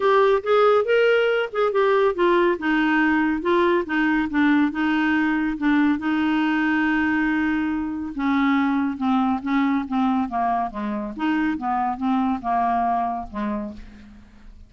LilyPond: \new Staff \with { instrumentName = "clarinet" } { \time 4/4 \tempo 4 = 140 g'4 gis'4 ais'4. gis'8 | g'4 f'4 dis'2 | f'4 dis'4 d'4 dis'4~ | dis'4 d'4 dis'2~ |
dis'2. cis'4~ | cis'4 c'4 cis'4 c'4 | ais4 gis4 dis'4 b4 | c'4 ais2 gis4 | }